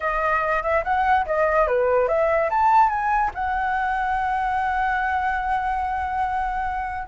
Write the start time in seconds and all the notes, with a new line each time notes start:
0.00 D#5
0.62 E5
0.84 F#5
1.26 D#5
1.67 B4
2.08 E5
2.50 A5
2.89 G#5
3.34 F#5